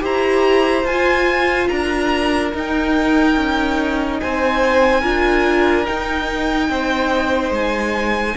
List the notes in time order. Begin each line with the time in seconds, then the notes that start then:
0.00 E4 G4 C5 A#5
0.84 F4 G#5
1.68 D4 A#4 A#5
2.53 D#4 G5
3.36 C#4
4.20 C4 C5 G#5
5.01 D4 F4 A#4
5.85 D#4 G5
6.69 C4 C5
7.51 G#3 G#5